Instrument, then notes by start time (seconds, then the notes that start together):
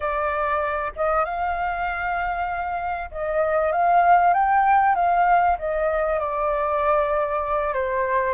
flute
0.00 D5
0.96 D#5
1.24 F5
3.11 D#5
3.71 F5
4.33 G5
4.95 F5
5.58 D#5
6.19 D5
7.73 C5